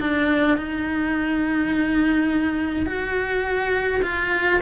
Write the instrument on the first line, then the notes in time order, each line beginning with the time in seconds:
cello
0.00 D4
0.58 D#4
2.86 F#4
4.03 F4